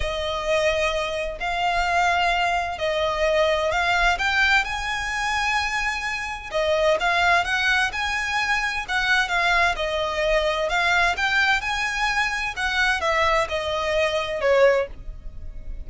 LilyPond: \new Staff \with { instrumentName = "violin" } { \time 4/4 \tempo 4 = 129 dis''2. f''4~ | f''2 dis''2 | f''4 g''4 gis''2~ | gis''2 dis''4 f''4 |
fis''4 gis''2 fis''4 | f''4 dis''2 f''4 | g''4 gis''2 fis''4 | e''4 dis''2 cis''4 | }